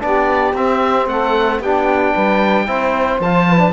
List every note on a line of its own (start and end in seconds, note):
0.00 0.53 B3
0.00 0.53 D4
0.00 1.09 G4
0.00 0.55 D5
0.53 1.06 C4
0.53 1.63 C4
0.53 1.08 E5
1.06 1.60 A3
1.06 1.60 A4
1.06 1.61 F#5
1.60 2.13 B3
1.60 2.67 D4
1.60 2.13 G4
1.60 3.21 G5
2.13 2.67 G3
2.13 2.66 B4
2.67 3.20 C4
2.67 3.20 E4
2.67 3.47 C5
3.20 3.73 F3
3.20 3.58 F4
3.20 3.73 A5
3.48 3.73 B4
3.58 3.71 D4